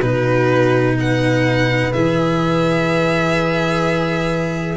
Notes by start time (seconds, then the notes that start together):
0.00 B2 D#4 F#4 B4
0.98 B4 F#5
1.92 E3 G#4 E5